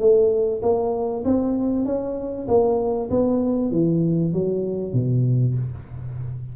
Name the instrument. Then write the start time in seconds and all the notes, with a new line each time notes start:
tuba
0.00 A3
0.62 A#3
1.25 C4
1.86 C#4
2.48 A#3
3.10 B3
3.71 E3
4.33 F#3
4.93 B2